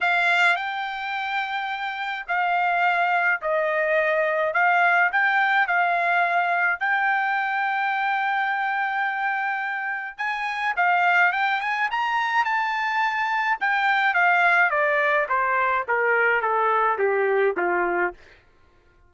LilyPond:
\new Staff \with { instrumentName = "trumpet" } { \time 4/4 \tempo 4 = 106 f''4 g''2. | f''2 dis''2 | f''4 g''4 f''2 | g''1~ |
g''2 gis''4 f''4 | g''8 gis''8 ais''4 a''2 | g''4 f''4 d''4 c''4 | ais'4 a'4 g'4 f'4 | }